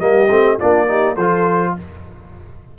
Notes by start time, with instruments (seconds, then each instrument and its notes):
0.00 tuba G3, trombone A#3, horn G4, trumpet D#5
0.29 tuba A3, trombone C4
0.58 tuba A#3, trombone D4, horn F4, trumpet D5
0.87 trombone D#4, horn G4
1.14 tuba F3, horn A4, trumpet C5
1.21 trombone F4